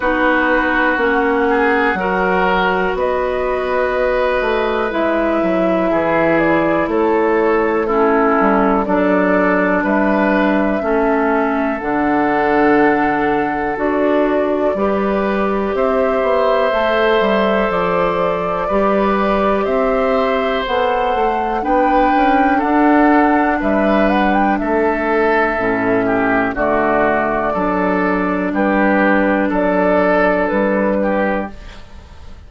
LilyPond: <<
  \new Staff \with { instrumentName = "flute" } { \time 4/4 \tempo 4 = 61 b'4 fis''2 dis''4~ | dis''4 e''4. d''8 cis''4 | a'4 d''4 e''2 | fis''2 d''2 |
e''2 d''2 | e''4 fis''4 g''4 fis''4 | e''8 fis''16 g''16 e''2 d''4~ | d''4 b'4 d''4 b'4 | }
  \new Staff \with { instrumentName = "oboe" } { \time 4/4 fis'4. gis'8 ais'4 b'4~ | b'2 gis'4 a'4 | e'4 a'4 b'4 a'4~ | a'2. b'4 |
c''2. b'4 | c''2 b'4 a'4 | b'4 a'4. g'8 fis'4 | a'4 g'4 a'4. g'8 | }
  \new Staff \with { instrumentName = "clarinet" } { \time 4/4 dis'4 cis'4 fis'2~ | fis'4 e'2. | cis'4 d'2 cis'4 | d'2 fis'4 g'4~ |
g'4 a'2 g'4~ | g'4 a'4 d'2~ | d'2 cis'4 a4 | d'1 | }
  \new Staff \with { instrumentName = "bassoon" } { \time 4/4 b4 ais4 fis4 b4~ | b8 a8 gis8 fis8 e4 a4~ | a8 g8 fis4 g4 a4 | d2 d'4 g4 |
c'8 b8 a8 g8 f4 g4 | c'4 b8 a8 b8 cis'8 d'4 | g4 a4 a,4 d4 | fis4 g4 fis4 g4 | }
>>